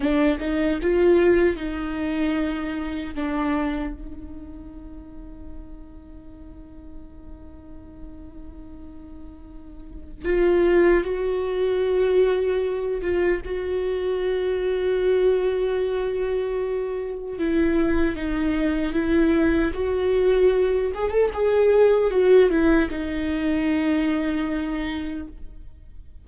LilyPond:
\new Staff \with { instrumentName = "viola" } { \time 4/4 \tempo 4 = 76 d'8 dis'8 f'4 dis'2 | d'4 dis'2.~ | dis'1~ | dis'4 f'4 fis'2~ |
fis'8 f'8 fis'2.~ | fis'2 e'4 dis'4 | e'4 fis'4. gis'16 a'16 gis'4 | fis'8 e'8 dis'2. | }